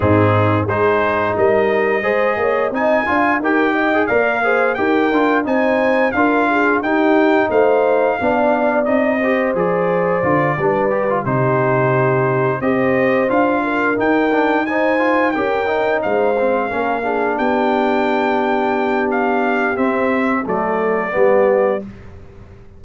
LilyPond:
<<
  \new Staff \with { instrumentName = "trumpet" } { \time 4/4 \tempo 4 = 88 gis'4 c''4 dis''2 | gis''4 g''4 f''4 g''4 | gis''4 f''4 g''4 f''4~ | f''4 dis''4 d''2~ |
d''8 c''2 dis''4 f''8~ | f''8 g''4 gis''4 g''4 f''8~ | f''4. g''2~ g''8 | f''4 e''4 d''2 | }
  \new Staff \with { instrumentName = "horn" } { \time 4/4 dis'4 gis'4 ais'4 c''8 cis''8 | dis''8 f''8 ais'8 dis''8 d''8 c''8 ais'4 | c''4 ais'8 gis'8 g'4 c''4 | d''4. c''2 b'8~ |
b'8 g'2 c''4. | ais'4. c''4 ais'4 c''8~ | c''8 ais'8 gis'8 g'2~ g'8~ | g'2 a'4 g'4 | }
  \new Staff \with { instrumentName = "trombone" } { \time 4/4 c'4 dis'2 gis'4 | dis'8 f'8 g'8. gis'16 ais'8 gis'8 g'8 f'8 | dis'4 f'4 dis'2 | d'4 dis'8 g'8 gis'4 f'8 d'8 |
g'16 f'16 dis'2 g'4 f'8~ | f'8 dis'8 d'8 dis'8 f'8 g'8 dis'4 | c'8 cis'8 d'2.~ | d'4 c'4 a4 b4 | }
  \new Staff \with { instrumentName = "tuba" } { \time 4/4 gis,4 gis4 g4 gis8 ais8 | c'8 d'8 dis'4 ais4 dis'8 d'8 | c'4 d'4 dis'4 a4 | b4 c'4 f4 d8 g8~ |
g8 c2 c'4 d'8~ | d'8 dis'2 cis'4 gis8~ | gis8 ais4 b2~ b8~ | b4 c'4 fis4 g4 | }
>>